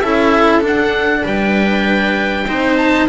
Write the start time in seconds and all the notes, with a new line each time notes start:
0.00 C#4 E4 A4 E5
0.61 D4 F#5
1.23 G3 B4 G5
2.47 C4 D#4 C5
2.77 A5